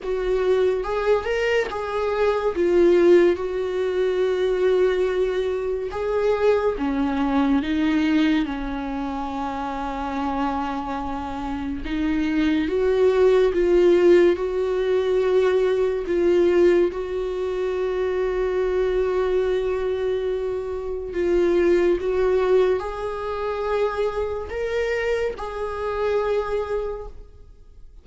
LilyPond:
\new Staff \with { instrumentName = "viola" } { \time 4/4 \tempo 4 = 71 fis'4 gis'8 ais'8 gis'4 f'4 | fis'2. gis'4 | cis'4 dis'4 cis'2~ | cis'2 dis'4 fis'4 |
f'4 fis'2 f'4 | fis'1~ | fis'4 f'4 fis'4 gis'4~ | gis'4 ais'4 gis'2 | }